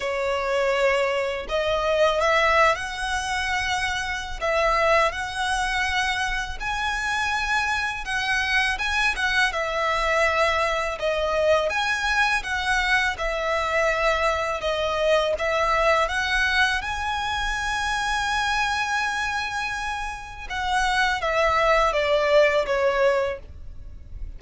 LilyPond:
\new Staff \with { instrumentName = "violin" } { \time 4/4 \tempo 4 = 82 cis''2 dis''4 e''8. fis''16~ | fis''2 e''4 fis''4~ | fis''4 gis''2 fis''4 | gis''8 fis''8 e''2 dis''4 |
gis''4 fis''4 e''2 | dis''4 e''4 fis''4 gis''4~ | gis''1 | fis''4 e''4 d''4 cis''4 | }